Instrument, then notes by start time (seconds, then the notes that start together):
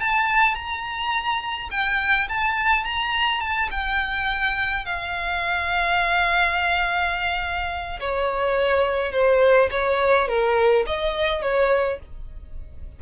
violin
0.00 A5
0.55 A#5
1.71 G5
2.28 A5
2.84 A#5
3.40 A5
3.70 G5
4.85 F5
8.00 C#5
9.12 C5
9.71 C#5
10.28 A#4
10.86 D#5
11.42 C#5